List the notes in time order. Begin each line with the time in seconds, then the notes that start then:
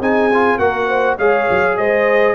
0.00 C4 D#4 G#4 G#5
0.34 F4
0.58 A#3 F#4 A#4 F#5
0.88 C5
1.18 G#3 G#4 C#5 F5
1.50 F#3
1.77 G#3 C5 D#5